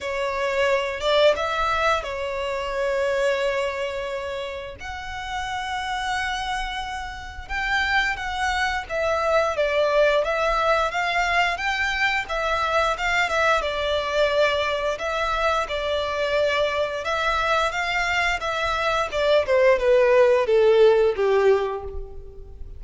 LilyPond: \new Staff \with { instrumentName = "violin" } { \time 4/4 \tempo 4 = 88 cis''4. d''8 e''4 cis''4~ | cis''2. fis''4~ | fis''2. g''4 | fis''4 e''4 d''4 e''4 |
f''4 g''4 e''4 f''8 e''8 | d''2 e''4 d''4~ | d''4 e''4 f''4 e''4 | d''8 c''8 b'4 a'4 g'4 | }